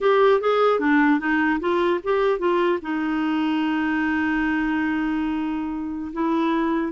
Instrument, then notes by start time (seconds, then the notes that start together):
clarinet
0.00 G4
0.40 G#4
0.79 D4
1.19 D#4
1.59 F4
2.03 G4
2.38 F4
2.82 D#4
6.12 E4